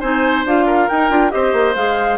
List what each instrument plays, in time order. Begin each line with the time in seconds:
0.00 bassoon C4, clarinet D#4, oboe C5, flute G#5
0.45 bassoon D4, clarinet F4, flute F5
0.66 oboe A#4
0.88 bassoon D#4, clarinet D#4, flute G5
1.10 bassoon D4, clarinet F4
1.31 bassoon C4, clarinet G4, oboe C5, flute D#5
1.53 bassoon A#3
1.75 bassoon G#3, clarinet G#4, flute F5